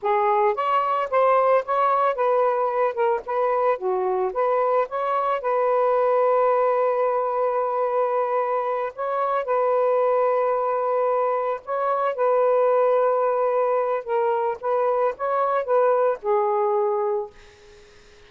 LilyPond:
\new Staff \with { instrumentName = "saxophone" } { \time 4/4 \tempo 4 = 111 gis'4 cis''4 c''4 cis''4 | b'4. ais'8 b'4 fis'4 | b'4 cis''4 b'2~ | b'1~ |
b'8 cis''4 b'2~ b'8~ | b'4. cis''4 b'4.~ | b'2 ais'4 b'4 | cis''4 b'4 gis'2 | }